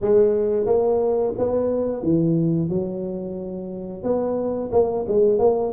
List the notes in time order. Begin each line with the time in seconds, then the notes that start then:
0.01 G#3
0.66 A#3
1.38 B3
2.02 E3
2.69 F#3
4.03 B3
4.72 A#3
5.07 G#3
5.38 A#3